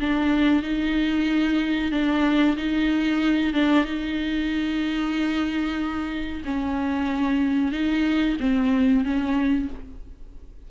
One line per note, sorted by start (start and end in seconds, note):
0.00 0.63 D4
0.63 1.92 D#4
1.92 2.56 D4
2.57 3.54 D#4
3.54 3.85 D4
3.85 6.43 D#4
6.45 7.72 C#4
7.72 8.37 D#4
8.40 9.04 C4
9.04 9.69 C#4